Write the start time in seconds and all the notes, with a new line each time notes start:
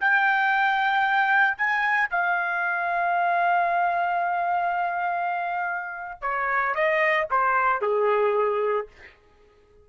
0.00 G5
1.57 G#5
2.10 F5
6.21 C#5
6.74 D#5
7.30 C5
7.81 G#4